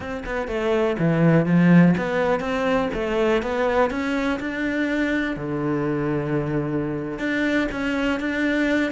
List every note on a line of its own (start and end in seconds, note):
0.00 0.23 C4
0.25 0.47 B3
0.47 0.96 A3
0.98 1.46 E3
1.46 1.94 F3
1.97 2.39 B3
2.39 2.88 C4
2.93 3.42 A3
3.42 3.90 B3
3.90 4.39 C#4
4.39 5.36 D4
5.36 7.18 D3
7.18 7.67 D4
7.71 8.20 C#4
8.20 8.91 D4